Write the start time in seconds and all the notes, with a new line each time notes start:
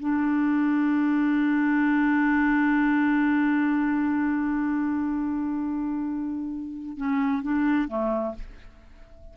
0.00 D4
6.97 C#4
7.43 D4
7.88 A3